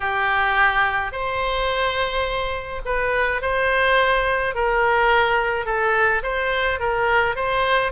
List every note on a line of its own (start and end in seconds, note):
0.00 1.11 G4
1.11 2.81 C5
2.85 3.41 B4
3.41 4.54 C5
4.54 5.65 A#4
5.65 6.22 A4
6.23 6.79 C5
6.79 7.35 A#4
7.35 7.92 C5